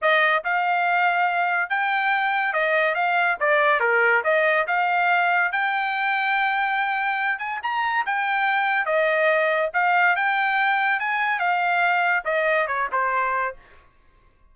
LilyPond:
\new Staff \with { instrumentName = "trumpet" } { \time 4/4 \tempo 4 = 142 dis''4 f''2. | g''2 dis''4 f''4 | d''4 ais'4 dis''4 f''4~ | f''4 g''2.~ |
g''4. gis''8 ais''4 g''4~ | g''4 dis''2 f''4 | g''2 gis''4 f''4~ | f''4 dis''4 cis''8 c''4. | }